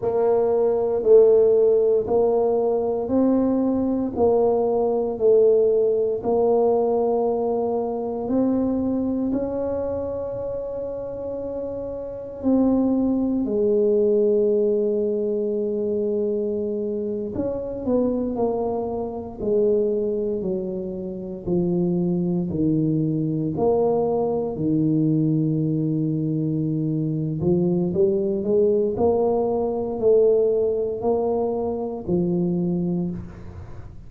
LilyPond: \new Staff \with { instrumentName = "tuba" } { \time 4/4 \tempo 4 = 58 ais4 a4 ais4 c'4 | ais4 a4 ais2 | c'4 cis'2. | c'4 gis2.~ |
gis8. cis'8 b8 ais4 gis4 fis16~ | fis8. f4 dis4 ais4 dis16~ | dis2~ dis8 f8 g8 gis8 | ais4 a4 ais4 f4 | }